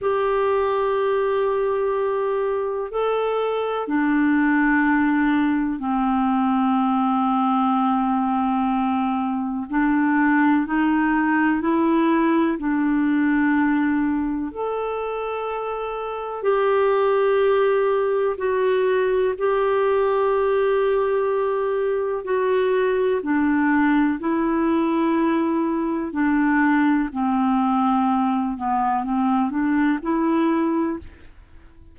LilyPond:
\new Staff \with { instrumentName = "clarinet" } { \time 4/4 \tempo 4 = 62 g'2. a'4 | d'2 c'2~ | c'2 d'4 dis'4 | e'4 d'2 a'4~ |
a'4 g'2 fis'4 | g'2. fis'4 | d'4 e'2 d'4 | c'4. b8 c'8 d'8 e'4 | }